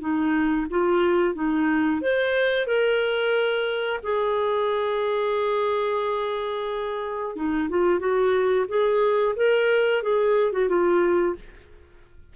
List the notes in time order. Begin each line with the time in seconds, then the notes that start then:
0.00 D#4
0.70 F4
1.35 D#4
2.02 C5
2.67 A#4
4.03 G#4
7.36 D#4
7.70 F4
7.99 F#4
8.68 G#4
9.36 A#4
10.03 G#4
10.52 F#4
10.68 F4